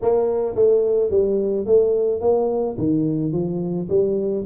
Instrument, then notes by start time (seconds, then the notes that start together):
tuba
0.01 A#3
0.55 A3
1.10 G3
1.66 A3
2.20 A#3
2.78 D#3
3.32 F3
3.89 G3